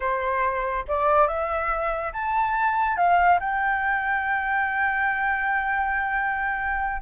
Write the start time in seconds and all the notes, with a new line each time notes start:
0.00 C5
0.87 D5
1.27 E5
2.12 A5
2.96 F5
3.39 G5